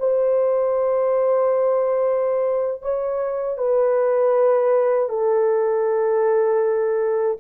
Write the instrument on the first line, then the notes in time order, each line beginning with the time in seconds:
horn
0.00 C5
2.82 C#5
3.58 B4
5.09 A4